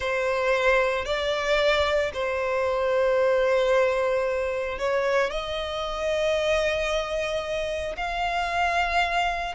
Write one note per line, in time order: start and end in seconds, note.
0.00 1.05 C5
1.05 2.11 D5
2.13 4.78 C5
4.78 5.30 C#5
5.30 7.95 D#5
7.96 9.55 F5